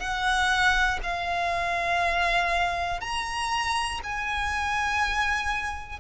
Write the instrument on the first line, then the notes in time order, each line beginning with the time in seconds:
violin
0.00 F#5
1.03 F5
3.01 A#5
4.04 G#5